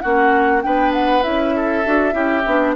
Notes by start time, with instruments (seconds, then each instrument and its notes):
0.00 bassoon A#3, clarinet C#4, oboe F#4, flute F#5
0.62 bassoon B3, clarinet D4, oboe B4, flute G5
0.93 flute F#5
1.22 bassoon C#4, clarinet E4, flute E5
1.55 oboe A4
1.84 bassoon D4, clarinet F#4
2.11 bassoon C#4, clarinet E4, oboe G4
2.45 bassoon B3, clarinet D4